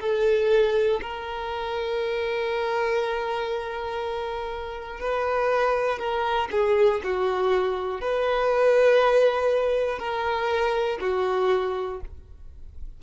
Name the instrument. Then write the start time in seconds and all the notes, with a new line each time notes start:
violin
0.00 A4
1.01 A#4
5.00 B4
5.99 A#4
6.51 G#4
7.03 F#4
8.00 B4
9.99 A#4
11.00 F#4